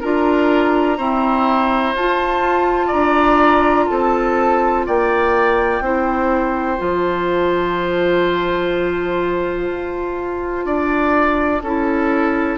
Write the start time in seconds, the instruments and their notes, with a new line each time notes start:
0.00 bassoon D4, clarinet F4, oboe A#4, flute A#5
0.97 clarinet C4, bassoon E4, oboe C5
1.95 bassoon F4, clarinet F4, flute A5
2.87 bassoon D4, oboe D5, flute A#5
3.87 bassoon C4, oboe A4, flute A5
4.86 bassoon A#3, oboe D5, flute G5
5.80 bassoon C4, clarinet E4, oboe C5
6.78 bassoon F3, clarinet F4, flute A5
9.70 bassoon F4
10.65 bassoon D4, oboe D5
11.62 bassoon C#4, clarinet E4, oboe A4